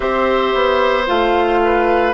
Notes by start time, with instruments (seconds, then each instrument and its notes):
0.00 bassoon C4, clarinet G4, oboe C5, flute E5
0.54 bassoon B3
1.06 bassoon A3, clarinet F4, flute F5
1.64 oboe B4